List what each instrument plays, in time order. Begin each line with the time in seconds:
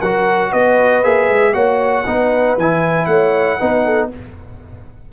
0.00 tuba F#3, trombone F#4, horn A#4, trumpet F#5
0.51 tuba B3, horn B4, trumpet D#5
1.03 tuba A#3, trombone G#4, trumpet E5
1.28 tuba G#3
1.53 tuba A#3, trombone F#4, horn C#5, trumpet F#5
2.05 tuba B3, trombone D#4, horn B4
2.57 tuba E3, trombone E4, trumpet G#5
3.05 tuba A3, horn C#5, trumpet F#5
3.58 tuba B3, trombone D#4, horn B4
3.85 horn A4